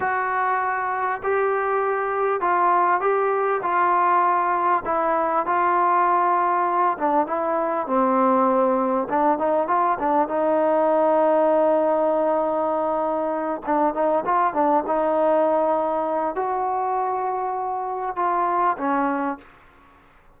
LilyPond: \new Staff \with { instrumentName = "trombone" } { \time 4/4 \tempo 4 = 99 fis'2 g'2 | f'4 g'4 f'2 | e'4 f'2~ f'8 d'8 | e'4 c'2 d'8 dis'8 |
f'8 d'8 dis'2.~ | dis'2~ dis'8 d'8 dis'8 f'8 | d'8 dis'2~ dis'8 fis'4~ | fis'2 f'4 cis'4 | }